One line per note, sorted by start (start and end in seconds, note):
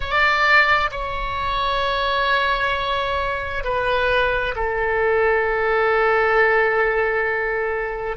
0.00 0.90 D5
0.91 3.64 C#5
3.64 4.55 B4
4.55 8.16 A4